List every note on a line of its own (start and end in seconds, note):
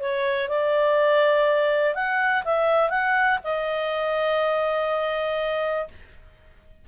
0.00 0.48 C#5
0.48 1.94 D5
1.94 2.43 F#5
2.44 2.89 E5
2.89 3.38 F#5
3.43 5.87 D#5